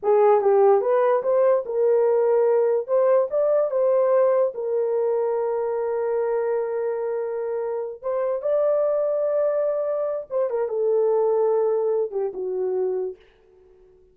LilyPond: \new Staff \with { instrumentName = "horn" } { \time 4/4 \tempo 4 = 146 gis'4 g'4 b'4 c''4 | ais'2. c''4 | d''4 c''2 ais'4~ | ais'1~ |
ais'2.~ ais'8 c''8~ | c''8 d''2.~ d''8~ | d''4 c''8 ais'8 a'2~ | a'4. g'8 fis'2 | }